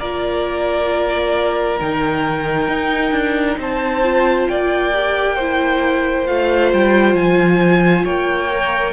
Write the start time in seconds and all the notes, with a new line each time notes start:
0.00 A#3 F4 A#4 D5
1.80 D#3 D#4 G5
2.68 D#4
3.12 D4
3.58 C4 C5 A5
4.03 F4
4.48 A#3 D5 G5
4.94 G4
5.35 E4 C5
6.27 A3 F4 F5
6.73 G3 G5
7.14 F3 G#5
8.04 A#3 C#5 G5
8.50 A#4